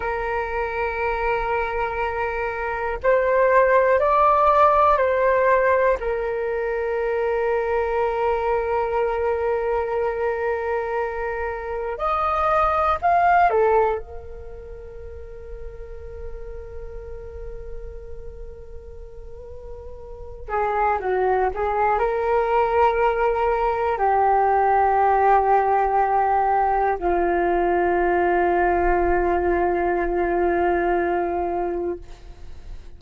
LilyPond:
\new Staff \with { instrumentName = "flute" } { \time 4/4 \tempo 4 = 60 ais'2. c''4 | d''4 c''4 ais'2~ | ais'1 | dis''4 f''8 a'8 ais'2~ |
ais'1~ | ais'8 gis'8 fis'8 gis'8 ais'2 | g'2. f'4~ | f'1 | }